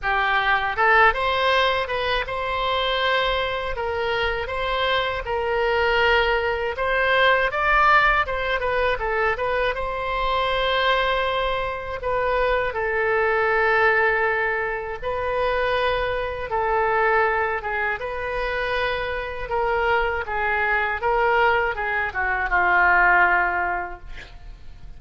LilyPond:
\new Staff \with { instrumentName = "oboe" } { \time 4/4 \tempo 4 = 80 g'4 a'8 c''4 b'8 c''4~ | c''4 ais'4 c''4 ais'4~ | ais'4 c''4 d''4 c''8 b'8 | a'8 b'8 c''2. |
b'4 a'2. | b'2 a'4. gis'8 | b'2 ais'4 gis'4 | ais'4 gis'8 fis'8 f'2 | }